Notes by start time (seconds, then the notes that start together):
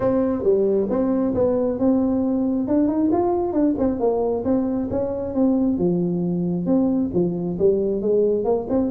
0.00 C4
0.43 G3
0.89 C4
1.34 B3
1.78 C4
2.67 D4
2.87 D#4
3.11 F4
3.52 D4
3.78 C4
3.99 A#3
4.44 C4
4.90 C#4
5.34 C4
5.78 F3
6.66 C4
7.13 F3
7.58 G3
8.01 G#3
8.44 A#3
8.69 C4